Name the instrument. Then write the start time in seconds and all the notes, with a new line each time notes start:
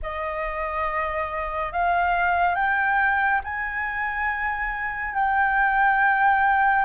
flute
0.02 D#5
1.72 F5
2.55 G5
3.44 G#5
5.14 G5